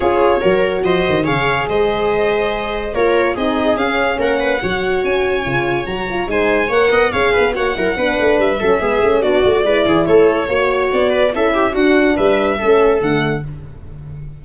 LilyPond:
<<
  \new Staff \with { instrumentName = "violin" } { \time 4/4 \tempo 4 = 143 cis''2 dis''4 f''4 | dis''2. cis''4 | dis''4 f''4 fis''2 | gis''2 ais''4 gis''4 |
fis''4 f''4 fis''2 | e''2 d''2 | cis''2 d''4 e''4 | fis''4 e''2 fis''4 | }
  \new Staff \with { instrumentName = "viola" } { \time 4/4 gis'4 ais'4 c''4 cis''4 | c''2. ais'4 | gis'2 ais'8 b'8 cis''4~ | cis''2. c''4 |
cis''8 dis''8 cis''8 b'8 cis''8 ais'8 b'4~ | b'8 a'8 gis'4 fis'4 b'8 gis'8 | a'4 cis''4. b'8 a'8 g'8 | fis'4 b'4 a'2 | }
  \new Staff \with { instrumentName = "horn" } { \time 4/4 f'4 fis'2 gis'4~ | gis'2. f'4 | dis'4 cis'2 fis'4~ | fis'4 f'4 fis'8 f'8 dis'4 |
ais'4 gis'4 fis'8 e'8 d'4~ | d'8 cis'8 b8 cis'8 d'8 fis'8 e'4~ | e'4 fis'2 e'4 | d'2 cis'4 a4 | }
  \new Staff \with { instrumentName = "tuba" } { \time 4/4 cis'4 fis4 f8 dis8 cis4 | gis2. ais4 | c'4 cis'4 ais4 fis4 | cis'4 cis4 fis4 gis4 |
ais8 b8 cis'8 b8 ais8 fis8 b8 a8 | g8 fis8 gis8 a8 b8 a8 gis8 e8 | a4 ais4 b4 cis'4 | d'4 g4 a4 d4 | }
>>